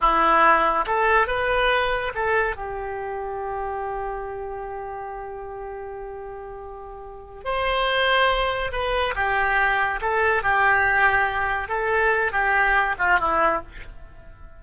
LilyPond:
\new Staff \with { instrumentName = "oboe" } { \time 4/4 \tempo 4 = 141 e'2 a'4 b'4~ | b'4 a'4 g'2~ | g'1~ | g'1~ |
g'4. c''2~ c''8~ | c''8 b'4 g'2 a'8~ | a'8 g'2. a'8~ | a'4 g'4. f'8 e'4 | }